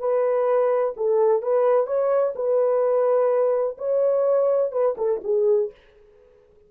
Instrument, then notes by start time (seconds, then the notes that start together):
horn
0.00 B4
0.97 A4
1.43 B4
1.87 C#5
2.36 B4
3.78 C#5
4.72 B4
4.98 A4
5.24 G#4